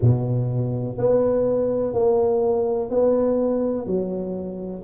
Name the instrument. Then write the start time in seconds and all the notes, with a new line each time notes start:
tuba
0.01 B2
0.97 B3
1.93 A#3
2.90 B3
3.86 F#3